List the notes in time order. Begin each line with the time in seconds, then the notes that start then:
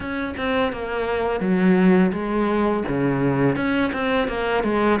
0.00 C#4
0.37 C4
0.72 A#3
1.40 F#3
2.12 G#3
2.88 C#3
3.56 C#4
3.92 C4
4.28 A#3
4.63 G#3